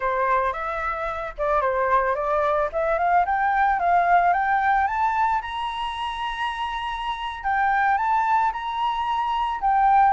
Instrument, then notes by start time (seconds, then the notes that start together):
flute
0.00 C5
0.53 E5
1.38 D5
1.61 C5
2.15 D5
2.72 E5
2.98 F5
3.25 G5
3.79 F5
4.33 G5
4.87 A5
5.41 A#5
7.43 G5
7.97 A5
8.52 A#5
9.60 G5